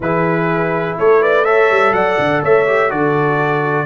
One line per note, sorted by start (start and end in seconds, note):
0.00 0.95 E3
0.00 1.45 E4
0.00 0.98 G#4
0.00 0.98 B4
0.98 1.70 A3
0.98 1.21 A4
0.98 1.22 C#5
1.21 1.45 B4
1.21 1.44 D5
1.44 2.66 A4
1.44 1.93 C#5
1.44 1.93 E5
1.70 1.92 G3
1.92 2.16 F#3
1.92 2.43 D5
1.92 2.41 F#5
2.18 2.42 D3
2.43 2.91 A3
2.43 2.90 C#5
2.43 2.90 E5
2.66 2.89 G4
2.89 3.85 D3
2.89 3.85 F#4
2.89 3.85 A4
2.89 3.85 D5